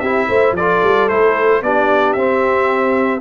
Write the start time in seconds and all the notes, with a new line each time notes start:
0.00 C4 E4 G4 E5
0.29 A3 C5
0.52 F3 A4 D5
0.59 F4
0.83 G3
1.09 A3 E4 C5
1.62 B3 D4 G4 D5
2.13 C4 E5